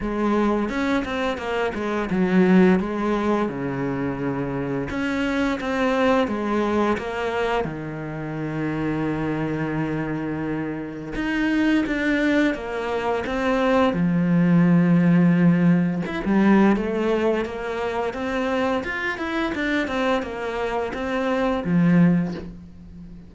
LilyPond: \new Staff \with { instrumentName = "cello" } { \time 4/4 \tempo 4 = 86 gis4 cis'8 c'8 ais8 gis8 fis4 | gis4 cis2 cis'4 | c'4 gis4 ais4 dis4~ | dis1 |
dis'4 d'4 ais4 c'4 | f2. e'16 g8. | a4 ais4 c'4 f'8 e'8 | d'8 c'8 ais4 c'4 f4 | }